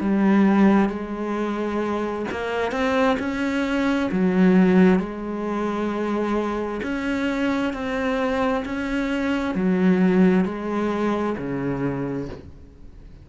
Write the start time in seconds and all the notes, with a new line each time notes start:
0.00 G3
0.89 G#3
2.31 A#3
2.71 C4
3.19 C#4
4.12 F#3
4.99 G#3
6.82 C#4
7.73 C4
8.65 C#4
9.55 F#3
10.45 G#3
11.38 C#3